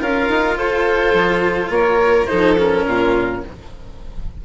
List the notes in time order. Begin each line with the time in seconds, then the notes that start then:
0.00 C#4 F4 A#4 F5
0.28 D#4
0.56 F4 A4 C5
1.13 F3
1.69 A#3 A#4 C#5
2.25 D#4 A4 C5
2.31 F3
2.57 C#4 A#4
2.85 A#2 F4